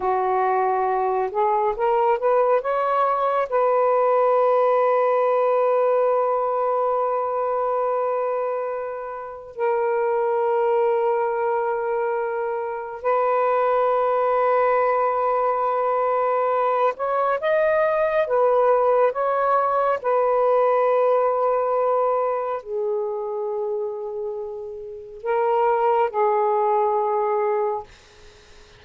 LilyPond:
\new Staff \with { instrumentName = "saxophone" } { \time 4/4 \tempo 4 = 69 fis'4. gis'8 ais'8 b'8 cis''4 | b'1~ | b'2. ais'4~ | ais'2. b'4~ |
b'2.~ b'8 cis''8 | dis''4 b'4 cis''4 b'4~ | b'2 gis'2~ | gis'4 ais'4 gis'2 | }